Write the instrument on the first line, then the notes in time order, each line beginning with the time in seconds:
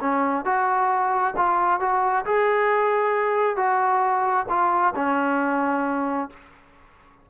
trombone
0.00 C#4
0.45 F#4
1.36 F4
1.80 F#4
2.25 G#4
3.56 F#4
4.49 F4
4.95 C#4